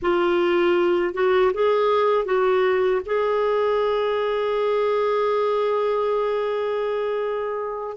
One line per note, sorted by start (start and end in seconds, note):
0.02 1.14 F4
1.14 1.52 F#4
1.53 2.25 G#4
2.25 3.01 F#4
3.06 7.96 G#4